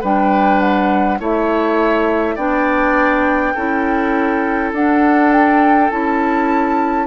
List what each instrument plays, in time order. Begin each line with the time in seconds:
0.00 bassoon G3, clarinet D4, oboe B4, flute G5
0.60 flute F#5
1.19 bassoon A3, clarinet E4, oboe C#5, flute E5
2.35 bassoon B3, clarinet D4, oboe D5, flute G5
3.54 bassoon C#4, clarinet E4, oboe A4
4.72 bassoon D4, clarinet D4, flute F#5
5.32 flute G5
5.90 bassoon C#4, clarinet E4, flute A5